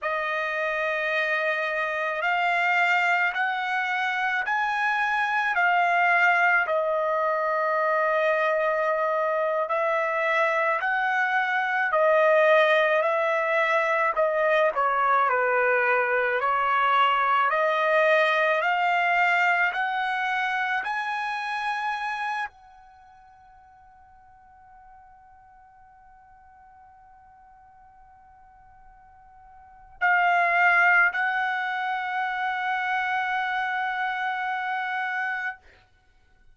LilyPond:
\new Staff \with { instrumentName = "trumpet" } { \time 4/4 \tempo 4 = 54 dis''2 f''4 fis''4 | gis''4 f''4 dis''2~ | dis''8. e''4 fis''4 dis''4 e''16~ | e''8. dis''8 cis''8 b'4 cis''4 dis''16~ |
dis''8. f''4 fis''4 gis''4~ gis''16~ | gis''16 fis''2.~ fis''8.~ | fis''2. f''4 | fis''1 | }